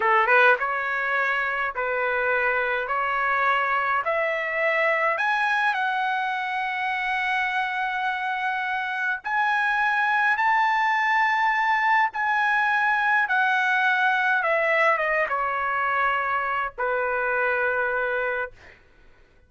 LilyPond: \new Staff \with { instrumentName = "trumpet" } { \time 4/4 \tempo 4 = 104 a'8 b'8 cis''2 b'4~ | b'4 cis''2 e''4~ | e''4 gis''4 fis''2~ | fis''1 |
gis''2 a''2~ | a''4 gis''2 fis''4~ | fis''4 e''4 dis''8 cis''4.~ | cis''4 b'2. | }